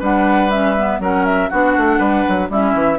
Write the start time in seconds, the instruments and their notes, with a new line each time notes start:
0.00 bassoon G3, clarinet D4, oboe B4, flute F#5
0.51 clarinet C#4, flute E5
0.77 clarinet B3
1.00 bassoon F#3, clarinet C#4, oboe A#4, flute F#5
1.26 flute E5
1.50 bassoon B3, clarinet D4, oboe F#4, flute F#5
1.77 bassoon A3
1.99 bassoon G3, oboe B4
2.29 bassoon F#3
2.50 bassoon G3, clarinet C#4, oboe E4, flute E5
2.74 bassoon E3